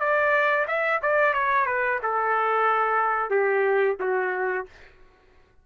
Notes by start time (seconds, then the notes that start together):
0.00 D5
0.67 E5
1.02 D5
1.33 C#5
1.66 B4
2.03 A4
3.30 G4
4.00 F#4